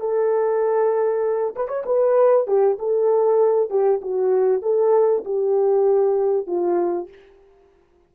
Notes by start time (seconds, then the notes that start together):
0.00 A4
1.55 B4
1.68 C#5
1.86 B4
2.47 G4
2.79 A4
3.70 G4
4.01 F#4
4.62 A4
5.25 G4
6.47 F4